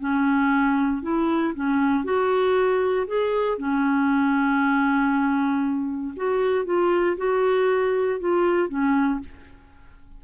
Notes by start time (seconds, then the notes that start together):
0.00 C#4
1.03 E4
1.55 C#4
2.04 F#4
3.07 G#4
3.58 C#4
6.16 F#4
6.65 F4
7.17 F#4
8.20 F4
8.69 C#4